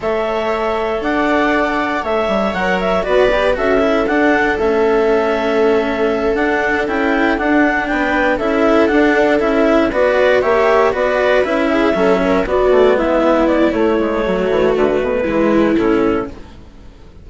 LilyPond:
<<
  \new Staff \with { instrumentName = "clarinet" } { \time 4/4 \tempo 4 = 118 e''2 fis''2 | e''4 fis''8 e''8 d''4 e''4 | fis''4 e''2.~ | e''8 fis''4 g''4 fis''4 g''8~ |
g''8 e''4 fis''4 e''4 d''8~ | d''8 e''4 d''4 e''4.~ | e''8 d''4 e''4 d''8 cis''4~ | cis''4 b'2 a'4 | }
  \new Staff \with { instrumentName = "viola" } { \time 4/4 cis''2 d''2 | cis''2 b'4 a'4~ | a'1~ | a'2.~ a'8 b'8~ |
b'8 a'2. b'8~ | b'8 cis''4 b'4. gis'8 a'8 | ais'8 fis'4 e'2~ e'8 | fis'2 e'2 | }
  \new Staff \with { instrumentName = "cello" } { \time 4/4 a'1~ | a'4 ais'4 fis'8 g'8 fis'8 e'8 | d'4 cis'2.~ | cis'8 d'4 e'4 d'4.~ |
d'8 e'4 d'4 e'4 fis'8~ | fis'8 g'4 fis'4 e'4 cis'8~ | cis'8 b2~ b8 a4~ | a2 gis4 cis'4 | }
  \new Staff \with { instrumentName = "bassoon" } { \time 4/4 a2 d'2 | a8 g8 fis4 b4 cis'4 | d'4 a2.~ | a8 d'4 cis'4 d'4 b8~ |
b8 cis'4 d'4 cis'4 b8~ | b8 ais4 b4 cis'4 fis8~ | fis8 b8 a8 gis4. a8 gis8 | fis8 e8 d8 b,8 e4 a,4 | }
>>